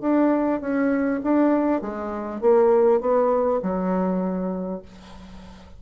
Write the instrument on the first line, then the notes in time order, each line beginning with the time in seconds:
bassoon
0.00 D4
0.60 C#4
1.23 D4
1.81 G#3
2.41 A#3
3.00 B3
3.62 F#3